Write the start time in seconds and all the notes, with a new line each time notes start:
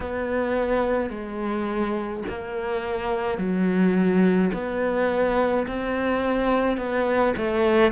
0.00 B3
1.10 G#3
2.28 A#3
3.38 F#3
4.53 B3
5.67 C4
6.77 B3
7.36 A3